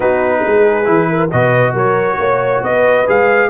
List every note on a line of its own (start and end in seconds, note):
0.00 0.44 B3
0.00 0.84 D#4
0.00 0.41 F#4
0.00 1.30 B4
0.46 0.88 G#3
0.46 1.09 G#4
0.84 1.32 E3
0.84 1.28 E4
1.09 1.31 A#4
1.30 1.73 B2
1.30 3.06 F#4
1.30 1.73 B4
1.30 1.74 D#5
1.73 2.17 F#3
1.73 2.17 A#4
1.73 2.63 C#5
2.18 2.61 A#3
2.18 2.62 C#5
2.62 3.06 B3
2.62 3.49 B4
2.62 3.07 D#5
3.06 3.49 G#3
3.06 3.49 G#4
3.06 3.49 F5